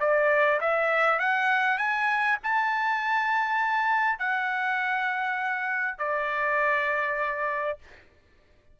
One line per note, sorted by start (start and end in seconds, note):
0.00 0.60 D5
0.60 1.19 E5
1.19 1.78 F#5
1.78 2.38 G#5
2.43 4.19 A5
4.19 5.98 F#5
5.98 7.78 D5